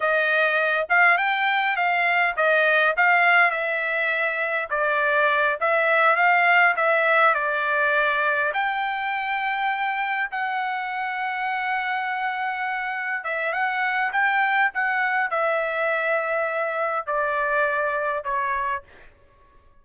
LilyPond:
\new Staff \with { instrumentName = "trumpet" } { \time 4/4 \tempo 4 = 102 dis''4. f''8 g''4 f''4 | dis''4 f''4 e''2 | d''4. e''4 f''4 e''8~ | e''8 d''2 g''4.~ |
g''4. fis''2~ fis''8~ | fis''2~ fis''8 e''8 fis''4 | g''4 fis''4 e''2~ | e''4 d''2 cis''4 | }